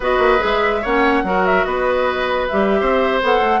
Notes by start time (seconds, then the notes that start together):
0.00 B3 F#4 B4 D#5
0.18 A#3
0.38 G#3 G#4 E5
0.81 A#3 C#4 C#5 F#5
1.23 F#3 F#4 A#4
1.46 E5
1.64 B3 B4 D#5
2.47 G3 G4 E5
2.80 C4 C5
3.22 B3 A4 F#5
3.40 A3